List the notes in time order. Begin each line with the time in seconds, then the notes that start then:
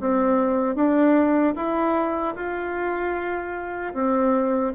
0.00 C4
0.75 D4
1.56 E4
2.35 F4
3.94 C4